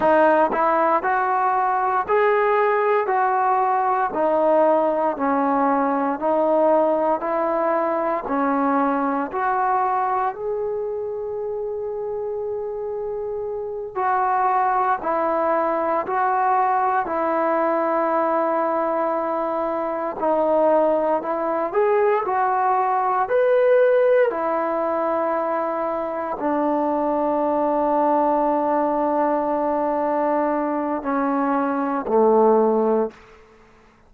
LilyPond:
\new Staff \with { instrumentName = "trombone" } { \time 4/4 \tempo 4 = 58 dis'8 e'8 fis'4 gis'4 fis'4 | dis'4 cis'4 dis'4 e'4 | cis'4 fis'4 gis'2~ | gis'4. fis'4 e'4 fis'8~ |
fis'8 e'2. dis'8~ | dis'8 e'8 gis'8 fis'4 b'4 e'8~ | e'4. d'2~ d'8~ | d'2 cis'4 a4 | }